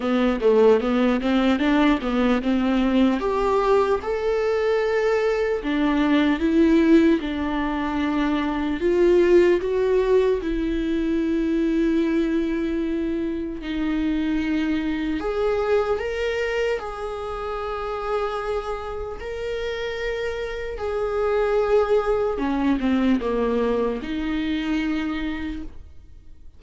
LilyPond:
\new Staff \with { instrumentName = "viola" } { \time 4/4 \tempo 4 = 75 b8 a8 b8 c'8 d'8 b8 c'4 | g'4 a'2 d'4 | e'4 d'2 f'4 | fis'4 e'2.~ |
e'4 dis'2 gis'4 | ais'4 gis'2. | ais'2 gis'2 | cis'8 c'8 ais4 dis'2 | }